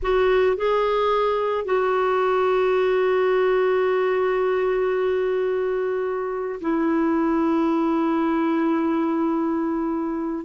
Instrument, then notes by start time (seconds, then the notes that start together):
clarinet
0.02 F#4
0.57 G#4
1.64 F#4
6.60 E4